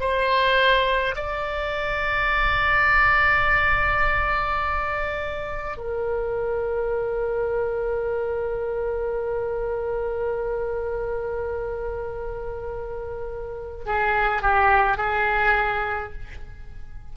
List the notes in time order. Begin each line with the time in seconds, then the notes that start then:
0.00 C5
1.16 D5
5.77 A#4
13.86 G#4
14.42 G4
14.97 G#4